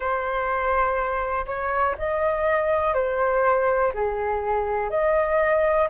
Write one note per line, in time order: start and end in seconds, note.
0.00 1.45 C5
1.46 1.95 C#5
1.98 2.94 D#5
2.94 3.92 C5
3.93 4.90 G#4
4.90 5.88 D#5